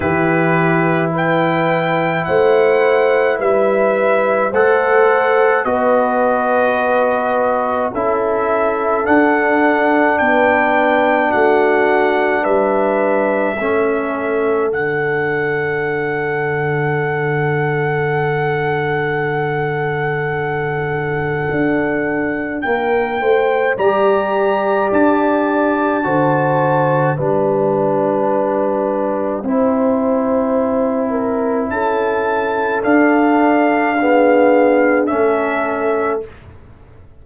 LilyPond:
<<
  \new Staff \with { instrumentName = "trumpet" } { \time 4/4 \tempo 4 = 53 b'4 g''4 fis''4 e''4 | fis''4 dis''2 e''4 | fis''4 g''4 fis''4 e''4~ | e''4 fis''2.~ |
fis''1 | g''4 ais''4 a''2 | g''1 | a''4 f''2 e''4 | }
  \new Staff \with { instrumentName = "horn" } { \time 4/4 g'4 b'4 c''4 b'4 | c''4 b'2 a'4~ | a'4 b'4 fis'4 b'4 | a'1~ |
a'1 | ais'8 c''8 d''2 c''4 | b'2 c''4. ais'8 | a'2 gis'4 a'4 | }
  \new Staff \with { instrumentName = "trombone" } { \time 4/4 e'1 | a'4 fis'2 e'4 | d'1 | cis'4 d'2.~ |
d'1~ | d'4 g'2 fis'4 | d'2 e'2~ | e'4 d'4 b4 cis'4 | }
  \new Staff \with { instrumentName = "tuba" } { \time 4/4 e2 a4 g4 | a4 b2 cis'4 | d'4 b4 a4 g4 | a4 d2.~ |
d2. d'4 | ais8 a8 g4 d'4 d4 | g2 c'2 | cis'4 d'2 a4 | }
>>